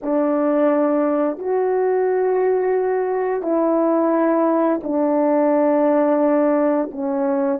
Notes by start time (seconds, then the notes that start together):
0.02 D4
1.38 F#4
3.42 E4
4.83 D4
6.91 C#4